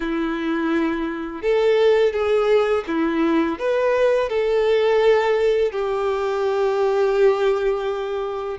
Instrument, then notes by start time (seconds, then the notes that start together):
violin
0.00 E4
1.42 A4
2.12 G#4
2.87 E4
3.58 B4
4.29 A4
5.72 G4